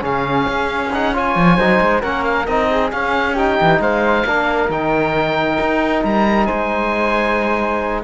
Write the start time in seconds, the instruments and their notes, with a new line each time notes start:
0.00 cello C#3, trombone C#4, flute G#4, oboe F5
0.47 cello C#4
0.93 trombone D#4, oboe F#5
1.13 trombone F4, flute C#5, oboe G#5
1.35 cello F3
1.56 cello F#3, trombone D#4, flute C5
1.80 cello G#3
2.00 cello A#3, trombone C#4, flute A#4, oboe F#5
2.24 oboe F5
2.46 cello C4, trombone D#4, oboe D#5
2.70 flute G#4
2.91 trombone C#4, cello C#4, oboe F5
3.34 trombone D#4, flute G4, oboe G5
3.60 cello E3
3.79 cello G#3, flute C5, oboe F5
4.25 cello A#3, trombone D4, flute A#4
4.69 cello D#3, trombone D#4, oboe G5
5.60 cello D#4
6.03 cello G3, oboe A#5
6.46 cello G#3, flute C5, oboe G#5